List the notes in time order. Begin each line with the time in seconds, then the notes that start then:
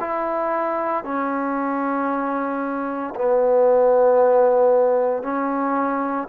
0.00 E4
1.04 C#4
3.15 B3
5.23 C#4